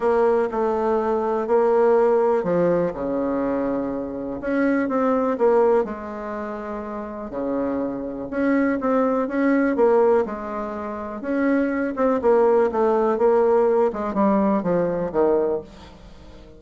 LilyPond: \new Staff \with { instrumentName = "bassoon" } { \time 4/4 \tempo 4 = 123 ais4 a2 ais4~ | ais4 f4 cis2~ | cis4 cis'4 c'4 ais4 | gis2. cis4~ |
cis4 cis'4 c'4 cis'4 | ais4 gis2 cis'4~ | cis'8 c'8 ais4 a4 ais4~ | ais8 gis8 g4 f4 dis4 | }